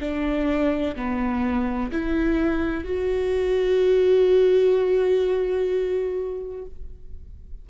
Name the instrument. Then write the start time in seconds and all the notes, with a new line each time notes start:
viola
0.00 D4
0.95 B3
1.91 E4
2.84 F#4